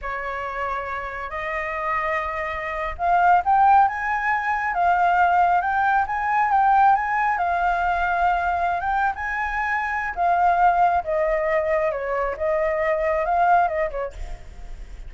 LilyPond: \new Staff \with { instrumentName = "flute" } { \time 4/4 \tempo 4 = 136 cis''2. dis''4~ | dis''2~ dis''8. f''4 g''16~ | g''8. gis''2 f''4~ f''16~ | f''8. g''4 gis''4 g''4 gis''16~ |
gis''8. f''2.~ f''16 | g''8. gis''2~ gis''16 f''4~ | f''4 dis''2 cis''4 | dis''2 f''4 dis''8 cis''8 | }